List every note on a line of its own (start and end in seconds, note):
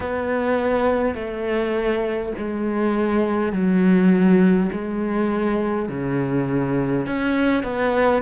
0.00 1.14 B3
1.14 2.32 A3
2.37 3.52 G#3
3.52 4.70 F#3
4.72 5.88 G#3
5.88 7.06 C#3
7.06 7.63 C#4
7.63 8.22 B3